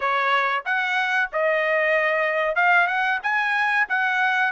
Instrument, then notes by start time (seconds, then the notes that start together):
trumpet
0.00 C#5
0.65 F#5
1.32 D#5
2.55 F5
2.87 F#5
3.23 G#5
3.88 F#5